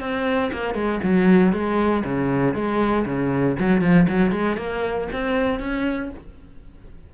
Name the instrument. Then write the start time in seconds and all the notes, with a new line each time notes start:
cello
0.00 C4
0.52 A#3
0.74 G#3
1.03 F#3
1.53 G#3
2.05 C#3
2.54 G#3
3.06 C#3
3.59 F#3
3.81 F3
4.08 F#3
4.32 G#3
4.57 A#3
5.12 C4
5.60 C#4